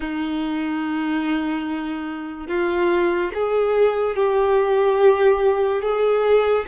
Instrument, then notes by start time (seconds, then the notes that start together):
violin
0.00 D#4
2.47 F4
3.34 G#4
4.16 G4
5.82 G#4